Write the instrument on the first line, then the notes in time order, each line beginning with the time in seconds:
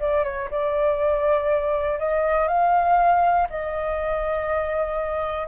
flute
0.00 D5
0.24 C#5
0.51 D5
1.99 D#5
2.48 F5
3.50 D#5